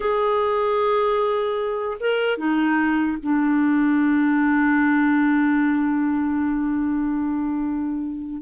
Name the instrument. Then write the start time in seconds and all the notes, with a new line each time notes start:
clarinet
0.00 G#4
1.99 A#4
2.37 D#4
3.23 D4